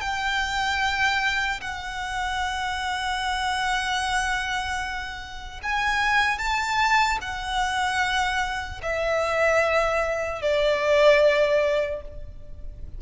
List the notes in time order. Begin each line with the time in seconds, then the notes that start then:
0.00 G5
1.60 F#5
5.63 G#5
6.38 A5
7.21 F#5
8.82 E5
10.41 D5